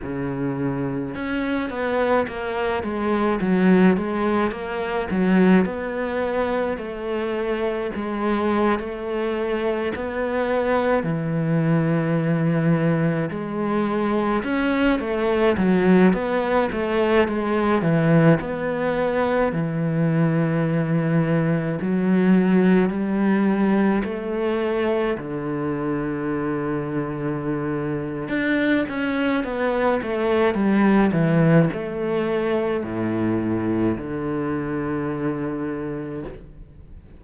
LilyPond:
\new Staff \with { instrumentName = "cello" } { \time 4/4 \tempo 4 = 53 cis4 cis'8 b8 ais8 gis8 fis8 gis8 | ais8 fis8 b4 a4 gis8. a16~ | a8. b4 e2 gis16~ | gis8. cis'8 a8 fis8 b8 a8 gis8 e16~ |
e16 b4 e2 fis8.~ | fis16 g4 a4 d4.~ d16~ | d4 d'8 cis'8 b8 a8 g8 e8 | a4 a,4 d2 | }